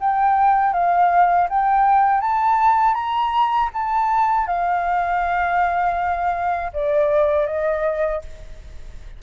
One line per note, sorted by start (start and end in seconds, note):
0.00 0.73 G5
0.73 1.48 F5
1.49 2.21 G5
2.21 2.94 A5
2.94 3.69 A#5
3.73 4.47 A5
4.47 6.72 F5
6.73 7.46 D5
7.46 8.21 D#5